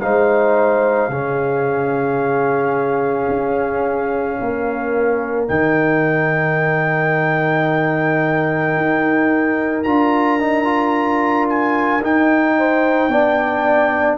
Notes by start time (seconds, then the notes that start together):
0.00 G#3 D#4 C5 F5
1.09 C#3 C#4 G#4
3.29 C#4
4.40 A#3 A#4
5.48 D#3 D#4 G5
8.77 D#4
9.83 D4 F4 A#5
10.40 D#4
10.64 F4
11.49 G#5
12.01 D#4 G5
12.58 C5
13.08 B3 D4 D5